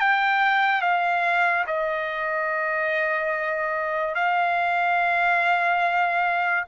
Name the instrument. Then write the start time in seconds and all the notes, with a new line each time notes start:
trumpet
0.00 G5
0.81 F5
1.67 D#5
4.15 F5